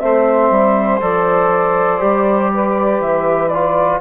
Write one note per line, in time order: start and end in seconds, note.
0.00 0.51 A3
0.00 1.01 C4
0.00 2.53 C5
0.00 1.00 E5
0.51 1.01 G3
1.01 2.01 F3
1.01 2.00 A4
1.01 3.01 D5
2.00 3.00 G3
2.00 3.50 G4
2.54 4.01 B4
3.00 4.00 E3
3.00 3.49 E5
3.49 4.01 F4
3.49 3.99 D5